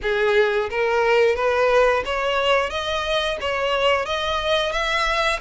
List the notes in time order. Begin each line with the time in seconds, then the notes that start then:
0.02 G#4
0.70 A#4
1.35 B4
2.05 C#5
2.70 D#5
3.40 C#5
4.05 D#5
4.72 E5